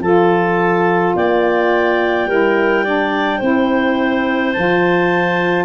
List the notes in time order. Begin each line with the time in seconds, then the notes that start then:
0.00 F3 F4 A4 A5
1.15 A#3 D5 G5
2.26 G3 E4 A#4
2.84 D4 D5
3.38 C4 E4 C5
4.54 F3 F4 A5